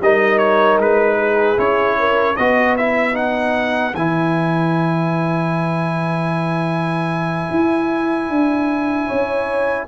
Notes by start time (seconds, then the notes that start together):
0.00 G3 D#4 A#4 D#5
0.38 C#5
0.78 G#3 B4
1.17 G#4
1.56 C#4 E4 C#5
1.99 A#4
2.36 B3 F#4 B4 D#5
2.76 E4 E5
3.13 D#4 F#5
3.94 E3 E4 G#5
7.50 E4
8.29 D4
9.07 C#4 C#5